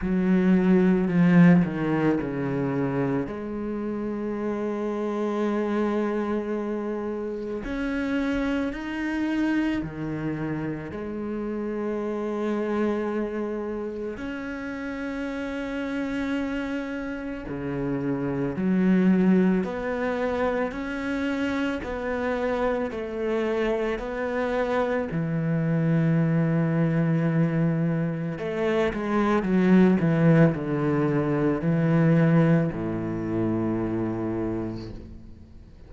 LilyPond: \new Staff \with { instrumentName = "cello" } { \time 4/4 \tempo 4 = 55 fis4 f8 dis8 cis4 gis4~ | gis2. cis'4 | dis'4 dis4 gis2~ | gis4 cis'2. |
cis4 fis4 b4 cis'4 | b4 a4 b4 e4~ | e2 a8 gis8 fis8 e8 | d4 e4 a,2 | }